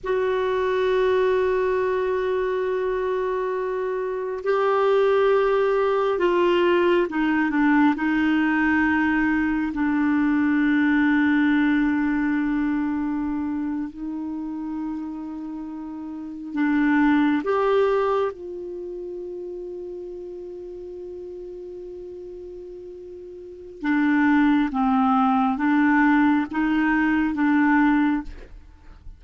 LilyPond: \new Staff \with { instrumentName = "clarinet" } { \time 4/4 \tempo 4 = 68 fis'1~ | fis'4 g'2 f'4 | dis'8 d'8 dis'2 d'4~ | d'2.~ d'8. dis'16~ |
dis'2~ dis'8. d'4 g'16~ | g'8. f'2.~ f'16~ | f'2. d'4 | c'4 d'4 dis'4 d'4 | }